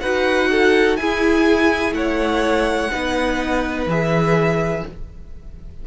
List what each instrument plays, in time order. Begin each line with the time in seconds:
0.00 cello D#4, viola F#4, violin B4 F#5
0.51 violin A4
0.96 cello E4, viola E4, violin G#4 G#5
1.92 cello A3, violin C#5 F#5
2.91 cello B3, viola D#4, violin B4
3.86 cello E3, viola G#4, violin E5